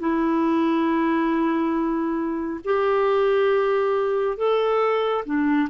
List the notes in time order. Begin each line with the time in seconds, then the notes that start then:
0.00 E4
2.65 G4
4.38 A4
5.26 D4